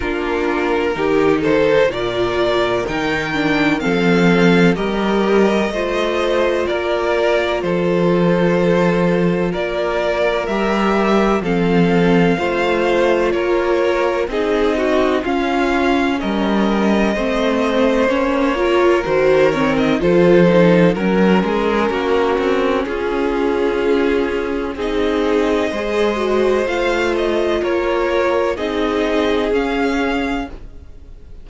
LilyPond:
<<
  \new Staff \with { instrumentName = "violin" } { \time 4/4 \tempo 4 = 63 ais'4. c''8 d''4 g''4 | f''4 dis''2 d''4 | c''2 d''4 e''4 | f''2 cis''4 dis''4 |
f''4 dis''2 cis''4 | c''8 cis''16 dis''16 c''4 ais'2 | gis'2 dis''2 | f''8 dis''8 cis''4 dis''4 f''4 | }
  \new Staff \with { instrumentName = "violin" } { \time 4/4 f'4 g'8 a'8 ais'2 | a'4 ais'4 c''4 ais'4 | a'2 ais'2 | a'4 c''4 ais'4 gis'8 fis'8 |
f'4 ais'4 c''4. ais'8~ | ais'4 a'4 ais'8 gis'8 fis'4 | f'2 gis'4 c''4~ | c''4 ais'4 gis'2 | }
  \new Staff \with { instrumentName = "viola" } { \time 4/4 d'4 dis'4 f'4 dis'8 d'8 | c'4 g'4 f'2~ | f'2. g'4 | c'4 f'2 dis'4 |
cis'2 c'4 cis'8 f'8 | fis'8 c'8 f'8 dis'8 cis'2~ | cis'2 dis'4 gis'8 fis'8 | f'2 dis'4 cis'4 | }
  \new Staff \with { instrumentName = "cello" } { \time 4/4 ais4 dis4 ais,4 dis4 | f4 g4 a4 ais4 | f2 ais4 g4 | f4 a4 ais4 c'4 |
cis'4 g4 a4 ais4 | dis4 f4 fis8 gis8 ais8 c'8 | cis'2 c'4 gis4 | a4 ais4 c'4 cis'4 | }
>>